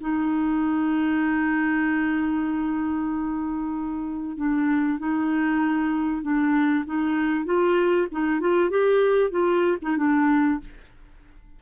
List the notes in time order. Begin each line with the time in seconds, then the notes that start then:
0.00 D#4
4.37 D4
4.99 D#4
6.22 D4
6.85 D#4
7.45 F4
8.11 D#4
8.40 F4
8.70 G4
9.30 F4
9.82 D#4
9.97 D4